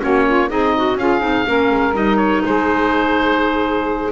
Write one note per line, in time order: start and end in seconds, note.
0.00 0.51 A#3
0.00 0.48 C#4
0.00 0.26 F#4
0.00 0.50 C#5
0.26 0.49 F4
0.49 0.97 C4
0.49 0.97 D#4
0.49 0.74 G#4
0.49 0.98 D#5
0.77 1.00 F#4
0.97 1.21 C#4
0.97 1.20 F4
0.97 1.48 G#4
0.97 1.95 F5
1.20 1.45 C4
1.20 1.45 D#4
1.47 1.71 A#3
1.47 1.94 C#4
1.47 2.45 A#4
1.71 1.94 G#3
1.94 2.43 G3
1.94 4.12 D#4
1.94 2.17 D#5
2.17 2.42 C#5
2.45 4.12 G#3
2.45 4.12 G#4
2.45 4.12 C5